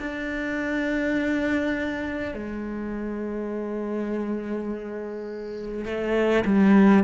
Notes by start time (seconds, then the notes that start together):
0.00 D4
2.34 G#3
5.86 A3
6.45 G3